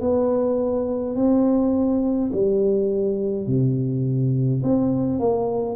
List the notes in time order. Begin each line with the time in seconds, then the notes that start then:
0.00 B3
1.15 C4
2.32 G3
3.46 C3
4.63 C4
5.19 A#3